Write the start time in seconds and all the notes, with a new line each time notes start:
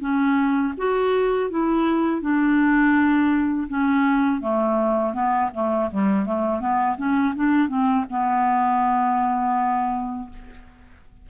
0.00 C#4
0.77 F#4
1.50 E4
2.21 D4
3.69 C#4
4.41 A3
5.13 B3
5.54 A3
5.91 G3
6.26 A3
6.60 B3
6.97 C#4
7.35 D4
7.68 C4
8.10 B3